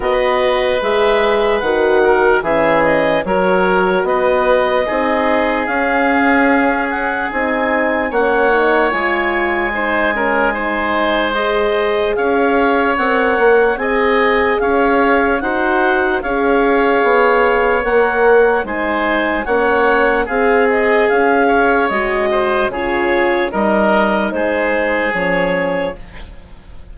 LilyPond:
<<
  \new Staff \with { instrumentName = "clarinet" } { \time 4/4 \tempo 4 = 74 dis''4 e''4 fis''4 e''8 dis''8 | cis''4 dis''2 f''4~ | f''8 fis''8 gis''4 fis''4 gis''4~ | gis''2 dis''4 f''4 |
fis''4 gis''4 f''4 fis''4 | f''2 fis''4 gis''4 | fis''4 f''8 dis''8 f''4 dis''4 | cis''4 dis''4 c''4 cis''4 | }
  \new Staff \with { instrumentName = "oboe" } { \time 4/4 b'2~ b'8 ais'8 gis'4 | ais'4 b'4 gis'2~ | gis'2 cis''2 | c''8 ais'8 c''2 cis''4~ |
cis''4 dis''4 cis''4 c''4 | cis''2. c''4 | cis''4 gis'4. cis''4 c''8 | gis'4 ais'4 gis'2 | }
  \new Staff \with { instrumentName = "horn" } { \time 4/4 fis'4 gis'4 fis'4 cis'4 | fis'2 dis'4 cis'4~ | cis'4 dis'4 cis'8 dis'8 f'4 | dis'8 cis'8 dis'4 gis'2 |
ais'4 gis'2 fis'4 | gis'2 ais'4 dis'4 | cis'4 gis'2 fis'4 | f'4 dis'2 cis'4 | }
  \new Staff \with { instrumentName = "bassoon" } { \time 4/4 b4 gis4 dis4 e4 | fis4 b4 c'4 cis'4~ | cis'4 c'4 ais4 gis4~ | gis2. cis'4 |
c'8 ais8 c'4 cis'4 dis'4 | cis'4 b4 ais4 gis4 | ais4 c'4 cis'4 gis4 | cis4 g4 gis4 f4 | }
>>